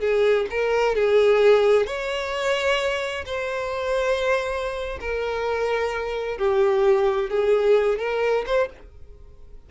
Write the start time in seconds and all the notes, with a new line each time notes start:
0.00 G#4
0.50 A#4
0.95 G#4
1.86 C#5
3.26 C5
5.00 A#4
6.38 G4
7.30 G#4
7.98 A#4
8.46 C5